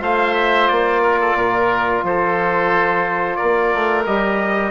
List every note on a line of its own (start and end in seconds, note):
0.00 0.69 A3
0.00 4.04 F4
0.00 1.02 C5
0.00 0.34 F5
0.34 0.68 E5
0.68 1.34 A#3
0.68 2.03 D5
1.02 1.19 A#4
1.21 1.36 A4
1.34 2.01 A#2
1.34 2.04 A#4
2.03 3.37 F3
2.03 3.37 A4
2.03 3.35 C5
3.35 4.70 A#4
3.35 4.02 D5
3.42 3.74 A#3
3.74 4.06 A3
4.06 4.70 G3
4.06 4.70 G4
4.06 4.70 D#5